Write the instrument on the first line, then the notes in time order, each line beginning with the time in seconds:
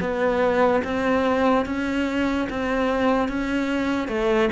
cello
0.00 B3
0.84 C4
1.66 C#4
2.49 C4
3.28 C#4
4.08 A3